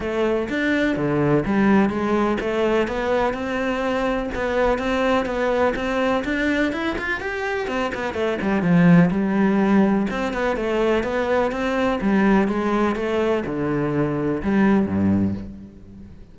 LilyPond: \new Staff \with { instrumentName = "cello" } { \time 4/4 \tempo 4 = 125 a4 d'4 d4 g4 | gis4 a4 b4 c'4~ | c'4 b4 c'4 b4 | c'4 d'4 e'8 f'8 g'4 |
c'8 b8 a8 g8 f4 g4~ | g4 c'8 b8 a4 b4 | c'4 g4 gis4 a4 | d2 g4 g,4 | }